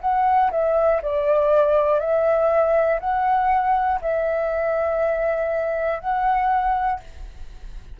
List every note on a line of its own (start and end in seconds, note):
0.00 0.50 F#5
0.50 1.00 E5
1.01 1.99 D5
1.99 2.99 E5
3.00 4.00 F#5
4.00 6.00 E5
6.00 7.00 F#5